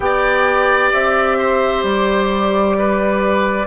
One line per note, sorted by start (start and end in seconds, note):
0.00 0.92 B3
0.00 3.67 G4
0.00 1.38 D5
0.00 0.90 G5
0.92 1.83 C4
0.92 1.85 E5
1.38 2.76 C5
1.83 3.67 G3
1.83 3.67 D5
2.78 3.67 B4